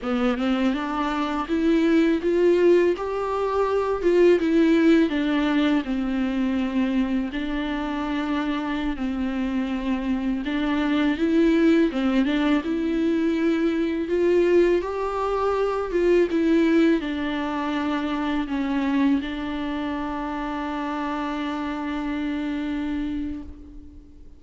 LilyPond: \new Staff \with { instrumentName = "viola" } { \time 4/4 \tempo 4 = 82 b8 c'8 d'4 e'4 f'4 | g'4. f'8 e'4 d'4 | c'2 d'2~ | d'16 c'2 d'4 e'8.~ |
e'16 c'8 d'8 e'2 f'8.~ | f'16 g'4. f'8 e'4 d'8.~ | d'4~ d'16 cis'4 d'4.~ d'16~ | d'1 | }